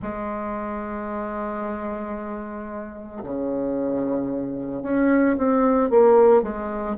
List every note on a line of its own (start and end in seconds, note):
0.01 3.23 G#3
3.23 4.83 C#3
4.83 5.36 C#4
5.37 5.90 C4
5.90 6.42 A#3
6.42 6.96 G#3